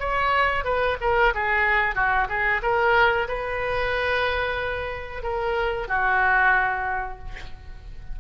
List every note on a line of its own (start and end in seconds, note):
0.00 0.64 C#5
0.64 0.97 B4
1.01 1.34 A#4
1.34 1.95 G#4
1.95 2.28 F#4
2.29 2.61 G#4
2.62 3.28 A#4
3.28 5.23 B4
5.23 5.88 A#4
5.88 7.19 F#4